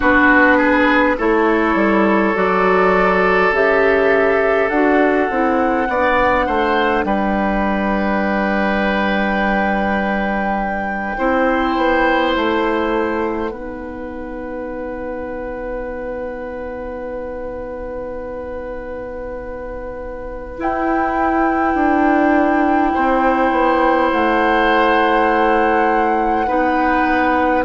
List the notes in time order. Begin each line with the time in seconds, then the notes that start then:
0.00 B3 D4 F#4 B4
0.57 G#4
1.17 A3 E4 A4 C#5
1.75 G3
2.34 F#3 F#4 D5
3.51 C#3 G4 E5
4.68 D4 F#4 F#5
5.30 C4 E4
5.88 B3 D4 D5
6.46 A3 C5
7.04 G3 B4 G5
11.17 C4 E4 C5
11.76 B3
12.32 A3 F#5
13.51 B3 D#4 B4
20.57 E4 G5
21.74 D4
22.94 C4 C5
23.51 B3
24.11 A3 F#5
26.46 B3 D#4 B4